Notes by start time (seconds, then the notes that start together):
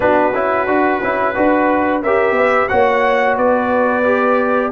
0.00 B3 D4 F#4 B4
0.33 C#4 E4
0.67 D4 F#4
1.01 C#4 E4
1.34 D4 F#4 B4
2.02 C#4 G4 A#4 E5
2.31 B3 B4
2.68 A#3 F#4 C#5 F#5
3.36 B3 B4 D5
4.04 G4